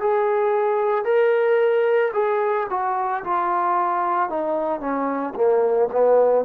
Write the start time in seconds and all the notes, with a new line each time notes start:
0.00 G#4
1.05 A#4
2.14 G#4
2.70 F#4
3.24 F4
4.30 D#4
4.80 C#4
5.35 A#3
5.92 B3